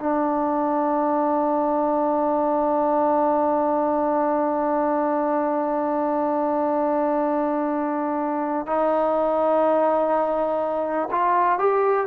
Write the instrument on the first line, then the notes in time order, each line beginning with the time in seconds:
trombone
0.00 D4
8.67 D#4
11.11 F4
11.59 G4